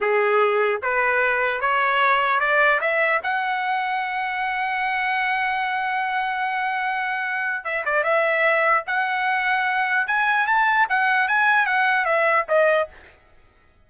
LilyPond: \new Staff \with { instrumentName = "trumpet" } { \time 4/4 \tempo 4 = 149 gis'2 b'2 | cis''2 d''4 e''4 | fis''1~ | fis''1~ |
fis''2. e''8 d''8 | e''2 fis''2~ | fis''4 gis''4 a''4 fis''4 | gis''4 fis''4 e''4 dis''4 | }